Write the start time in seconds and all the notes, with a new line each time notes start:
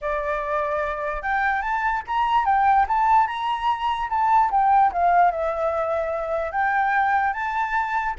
0.01 D5
1.22 G5
1.61 A5
2.07 A#5
2.45 G5
2.88 A5
3.27 A#5
4.09 A5
4.50 G5
4.92 F5
5.31 E5
6.51 G5
7.33 A5